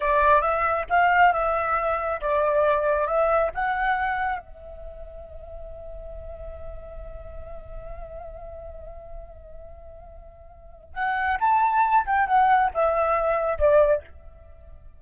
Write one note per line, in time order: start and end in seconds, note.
0.00 0.41 D5
0.41 0.85 E5
0.89 1.32 F5
1.32 2.20 E5
2.20 3.07 D5
3.07 3.51 E5
3.54 4.39 F#5
4.39 10.94 E5
10.94 11.38 F#5
11.39 12.05 A5
12.06 12.27 G5
12.27 12.71 F#5
12.74 13.58 E5
13.58 14.02 D5